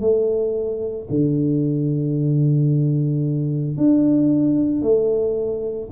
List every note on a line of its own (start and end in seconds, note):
0.00 1.07 A3
1.10 3.77 D3
3.77 4.82 D4
4.82 5.89 A3